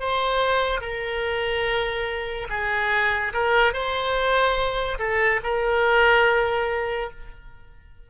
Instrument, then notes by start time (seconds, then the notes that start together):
oboe
0.00 C5
0.81 A#4
2.50 G#4
3.34 A#4
3.74 C5
4.99 A4
5.44 A#4